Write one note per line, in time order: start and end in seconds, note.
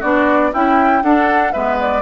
0.00 0.54 B3
0.00 0.53 D4
0.00 0.50 F#4
0.00 0.53 D5
0.53 1.03 C#4
0.53 1.03 E4
0.53 1.04 E4
0.53 1.03 G5
1.03 1.53 D4
1.03 1.54 D4
1.03 1.53 A4
1.03 1.52 F#5
1.52 2.02 G#3
1.52 2.02 B3
1.52 2.02 B4
1.52 1.77 E5
1.81 2.02 D5